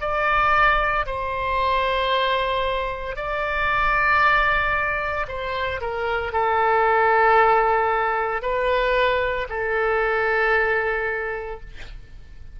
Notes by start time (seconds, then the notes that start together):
0.00 D5
1.06 C5
3.15 D5
5.27 C5
5.80 A#4
6.32 A4
8.42 B4
9.49 A4